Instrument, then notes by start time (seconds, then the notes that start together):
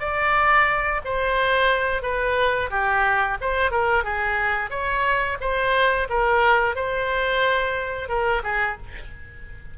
oboe
0.00 D5
1.05 C5
2.03 B4
2.70 G4
3.41 C5
3.71 A#4
4.04 G#4
4.70 C#5
5.41 C5
6.10 A#4
6.76 C5
8.09 A#4
8.44 G#4